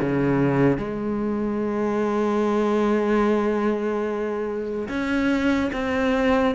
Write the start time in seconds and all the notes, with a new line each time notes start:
0.00 C#3
0.77 G#3
4.89 C#4
5.73 C4